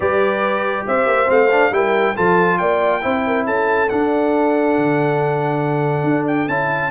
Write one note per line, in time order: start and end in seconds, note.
0.00 0.86 G3
0.00 1.26 G4
0.00 0.86 B4
0.00 0.87 D5
0.87 1.06 C4
0.87 1.73 C5
0.87 1.30 E5
1.06 1.28 A#3
1.26 1.70 A3
1.26 1.48 C4
1.26 1.73 F5
1.51 1.71 D4
1.70 2.14 G3
1.70 2.15 E4
1.70 2.15 A#4
1.70 2.16 G5
2.15 2.60 F3
2.15 3.01 F4
2.15 2.58 A4
2.15 2.58 A5
2.58 3.04 A#3
2.58 3.02 D5
2.58 3.44 G5
3.01 3.46 C4
3.01 3.87 E4
3.01 3.24 C5
3.26 3.45 A#4
3.45 3.89 C#4
3.45 6.90 A4
3.45 3.89 A5
3.89 6.49 D4
3.89 4.77 D4
3.89 6.26 F#5
4.77 6.03 D3
6.03 6.46 D4
6.27 6.48 G5
6.48 6.90 C#4
6.48 6.90 E4
6.48 6.90 A5